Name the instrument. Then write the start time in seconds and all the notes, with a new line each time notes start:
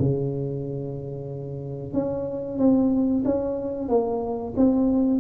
tuba
0.00 C#3
1.94 C#4
2.59 C4
3.25 C#4
3.89 A#3
4.57 C4